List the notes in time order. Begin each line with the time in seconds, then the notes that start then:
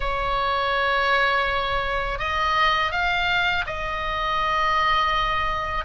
0.00 C#5
2.19 D#5
2.91 F5
3.66 D#5